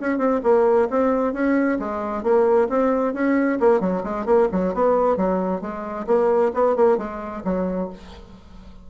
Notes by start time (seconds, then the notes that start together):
0.00 C#4
0.18 C4
0.43 A#3
0.90 C4
1.33 C#4
1.79 G#3
2.23 A#3
2.69 C4
3.14 C#4
3.60 A#3
3.80 F#3
4.04 G#3
4.26 A#3
4.52 F#3
4.75 B3
5.17 F#3
5.61 G#3
6.07 A#3
6.54 B3
6.76 A#3
6.98 G#3
7.45 F#3